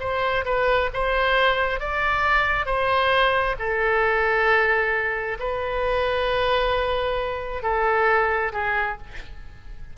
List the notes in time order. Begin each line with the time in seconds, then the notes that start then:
0.00 C5
0.45 B4
0.94 C5
1.80 D5
2.66 C5
3.59 A4
5.39 B4
7.63 A4
8.53 G#4